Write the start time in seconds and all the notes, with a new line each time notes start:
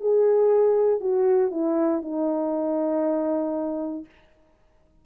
0.00 G#4
1.00 F#4
1.51 E4
2.02 D#4